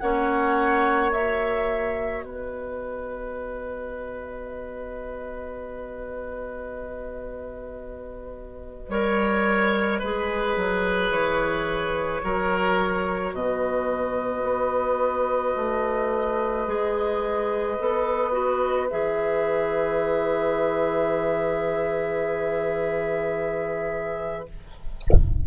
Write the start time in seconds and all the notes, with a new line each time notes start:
0.00 A#3 C#4 C#5 F#5
1.11 F#4 E5
2.23 B3 B4 D#5
8.89 G3 A#4 C#5
10.00 G#3 G#4 B4
10.56 F#3
11.10 E3 C#5
12.22 F#3 F#4 A#4
13.34 B2 B4 D#5
14.43 B3
15.57 A3
16.67 G#3 G#4
17.79 B3 A4
18.32 F#4
18.91 E3 G#4 E5